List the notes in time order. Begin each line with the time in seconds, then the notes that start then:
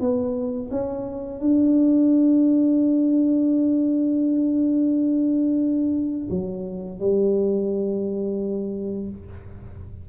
0.00 B3
0.71 C#4
1.40 D4
6.30 F#3
7.00 G3